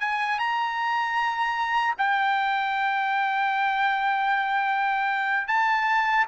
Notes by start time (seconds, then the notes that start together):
0.00 G#5
0.39 A#5
1.98 G5
5.48 A5